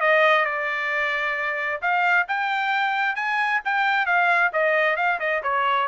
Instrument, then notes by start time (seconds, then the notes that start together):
trumpet
0.00 D#5
0.45 D5
1.81 F5
2.28 G5
3.15 G#5
3.64 G5
4.06 F5
4.53 D#5
4.96 F5
5.19 D#5
5.43 C#5